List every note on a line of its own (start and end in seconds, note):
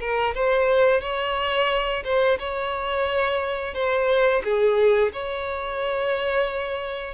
0.00 0.34 A#4
0.35 1.01 C5
1.01 2.03 C#5
2.04 2.38 C5
2.39 3.74 C#5
3.74 4.42 C5
4.44 5.12 G#4
5.13 7.14 C#5